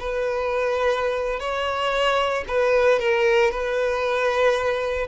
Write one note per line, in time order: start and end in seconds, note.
0.00 1.40 B4
1.40 2.45 C#5
2.48 3.00 B4
3.00 3.51 A#4
3.51 5.08 B4